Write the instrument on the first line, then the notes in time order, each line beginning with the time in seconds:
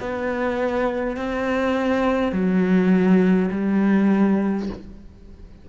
cello
0.00 B3
1.17 C4
2.33 F#3
3.51 G3